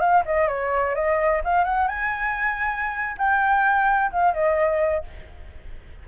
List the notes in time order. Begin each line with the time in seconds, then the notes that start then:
0.00 F5
0.25 D#5
0.48 C#5
0.95 D#5
1.44 F5
1.64 F#5
1.88 G#5
3.17 G5
4.11 F5
4.34 D#5